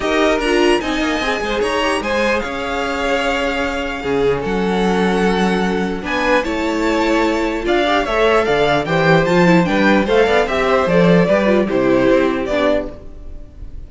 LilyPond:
<<
  \new Staff \with { instrumentName = "violin" } { \time 4/4 \tempo 4 = 149 dis''4 ais''4 gis''2 | ais''4 gis''4 f''2~ | f''2. fis''4~ | fis''2. gis''4 |
a''2. f''4 | e''4 f''4 g''4 a''4 | g''4 f''4 e''4 d''4~ | d''4 c''2 d''4 | }
  \new Staff \with { instrumentName = "violin" } { \time 4/4 ais'2 dis''4. c''8 | cis''4 c''4 cis''2~ | cis''2 gis'4 a'4~ | a'2. b'4 |
cis''2. d''4 | cis''4 d''4 c''2 | b'4 c''8 d''8 e''8 c''4. | b'4 g'2. | }
  \new Staff \with { instrumentName = "viola" } { \time 4/4 g'4 f'4 dis'4 gis'4~ | gis'8 g'8 gis'2.~ | gis'2 cis'2~ | cis'2. d'4 |
e'2. f'8 g'8 | a'2 g'4 f'8 e'8 | d'4 a'4 g'4 a'4 | g'8 f'8 e'2 d'4 | }
  \new Staff \with { instrumentName = "cello" } { \time 4/4 dis'4 d'4 c'8 ais8 c'8 gis8 | dis'4 gis4 cis'2~ | cis'2 cis4 fis4~ | fis2. b4 |
a2. d'4 | a4 d4 e4 f4 | g4 a8 b8 c'4 f4 | g4 c4 c'4 b4 | }
>>